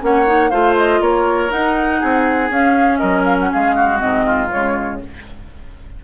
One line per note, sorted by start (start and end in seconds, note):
0.00 0.51 A#3
0.00 0.25 C#4
0.00 0.50 C#5
0.00 0.50 F#5
0.26 0.51 D#4
0.50 1.00 A3
0.50 1.49 F4
0.50 1.00 C5
0.50 0.75 F5
0.77 1.02 D#5
1.00 1.50 A#3
1.00 1.99 A#4
1.00 1.51 C#5
1.49 2.49 D#4
1.49 2.02 D#4
1.49 2.51 F#5
1.99 2.49 C4
1.99 2.99 G#4
2.49 2.99 C#4
2.49 3.98 C#4
2.49 2.98 F5
2.98 3.52 F#3
2.98 3.49 A#4
2.98 3.23 D#5
3.24 3.36 F5
3.39 3.52 F#5
3.52 4.02 G#3
3.52 3.75 G#4
3.52 4.00 F5
3.75 4.25 F#4
3.98 4.52 G#2
3.98 4.48 C4
3.98 4.50 D#5
4.25 5.00 F4
4.50 5.03 C#3
4.50 5.00 G#3
4.50 5.00 C#5